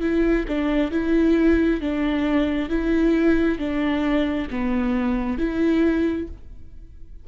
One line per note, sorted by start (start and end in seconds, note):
0.00 0.45 E4
0.48 0.91 D4
0.91 1.80 E4
1.80 2.69 D4
2.69 3.58 E4
3.58 4.47 D4
4.50 5.38 B3
5.38 6.27 E4